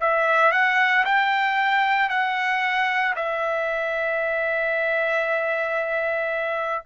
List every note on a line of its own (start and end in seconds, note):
0.00 0.52 E5
0.52 1.04 F#5
1.05 2.09 G5
2.09 3.14 F#5
3.16 6.84 E5